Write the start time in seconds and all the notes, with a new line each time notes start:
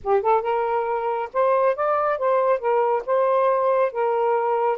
0.03 G4
0.22 A4
0.42 A#4
1.33 C5
1.75 D5
2.18 C5
2.59 A#4
3.06 C5
3.92 A#4